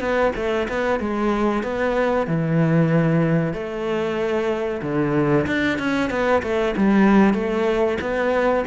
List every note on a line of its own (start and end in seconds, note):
0.00 0.32 B3
0.36 0.68 A3
0.68 1.00 B3
1.00 1.63 G#3
1.63 2.27 B3
2.27 3.53 E3
3.53 4.81 A3
4.82 5.46 D3
5.47 5.79 D4
5.79 6.10 C#4
6.10 6.42 B3
6.43 6.75 A3
6.77 7.34 G3
7.34 7.98 A3
8.01 8.65 B3